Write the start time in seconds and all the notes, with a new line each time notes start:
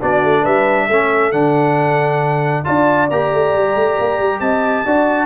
0.00 B3 D4 F#4 D5
0.24 A3
0.41 G3 B4 E5
0.88 A3 C#4 A4
1.31 D3 D4 F#5
2.64 D4 F4 D5 A5
3.10 A#3 G4 A#5
3.32 A3
3.54 G3
3.75 A3
3.99 A#3
4.18 G3
4.40 C4 D#5 A5
4.85 D4 F#4 D5